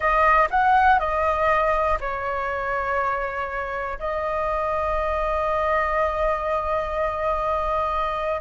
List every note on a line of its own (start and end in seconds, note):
0.00 0.48 D#5
0.50 0.99 F#5
0.99 1.98 D#5
2.00 3.98 C#5
3.99 8.41 D#5